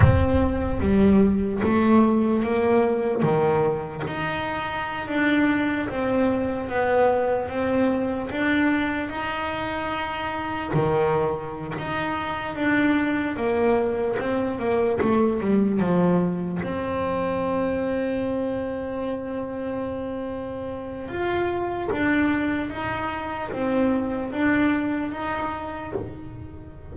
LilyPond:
\new Staff \with { instrumentName = "double bass" } { \time 4/4 \tempo 4 = 74 c'4 g4 a4 ais4 | dis4 dis'4~ dis'16 d'4 c'8.~ | c'16 b4 c'4 d'4 dis'8.~ | dis'4~ dis'16 dis4~ dis16 dis'4 d'8~ |
d'8 ais4 c'8 ais8 a8 g8 f8~ | f8 c'2.~ c'8~ | c'2 f'4 d'4 | dis'4 c'4 d'4 dis'4 | }